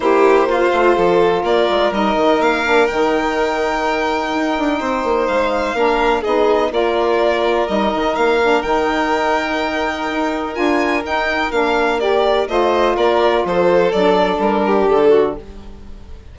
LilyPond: <<
  \new Staff \with { instrumentName = "violin" } { \time 4/4 \tempo 4 = 125 c''2. d''4 | dis''4 f''4 g''2~ | g''2. f''4~ | f''4 dis''4 d''2 |
dis''4 f''4 g''2~ | g''2 gis''4 g''4 | f''4 d''4 dis''4 d''4 | c''4 d''4 ais'4 a'4 | }
  \new Staff \with { instrumentName = "violin" } { \time 4/4 g'4 f'4 a'4 ais'4~ | ais'1~ | ais'2 c''2 | ais'4 gis'4 ais'2~ |
ais'1~ | ais'1~ | ais'2 c''4 ais'4 | a'2~ a'8 g'4 fis'8 | }
  \new Staff \with { instrumentName = "saxophone" } { \time 4/4 e'4 f'2. | dis'4. d'8 dis'2~ | dis'1 | d'4 dis'4 f'2 |
dis'4. d'8 dis'2~ | dis'2 f'4 dis'4 | d'4 g'4 f'2~ | f'4 d'2. | }
  \new Staff \with { instrumentName = "bassoon" } { \time 4/4 ais4. a8 f4 ais8 gis8 | g8 dis8 ais4 dis2~ | dis4 dis'8 d'8 c'8 ais8 gis4 | ais4 b4 ais2 |
g8 dis8 ais4 dis2~ | dis4 dis'4 d'4 dis'4 | ais2 a4 ais4 | f4 fis4 g4 d4 | }
>>